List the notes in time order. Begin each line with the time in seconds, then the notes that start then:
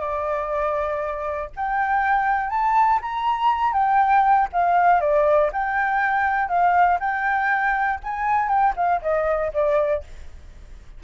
0.00 D5
1.56 G5
2.50 A5
3.02 A#5
3.73 G5
4.53 F5
5.01 D5
5.53 G5
6.49 F5
7.00 G5
8.04 G#5
8.49 G5
8.76 F5
9.02 D#5
9.54 D5